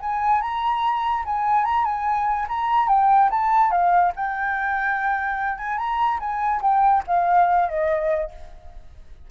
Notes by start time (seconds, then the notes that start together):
0.00 G#5
0.42 A#5
1.25 G#5
1.65 A#5
1.85 G#5
2.49 A#5
2.88 G5
3.30 A5
3.71 F5
4.16 G5
5.58 G#5
5.78 A#5
6.20 G#5
6.62 G5
7.07 F5
7.69 D#5